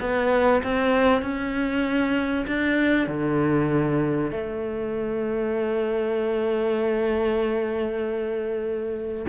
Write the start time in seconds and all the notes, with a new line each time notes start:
0.00 B3
0.63 C4
1.21 C#4
2.47 D4
3.07 D3
4.31 A3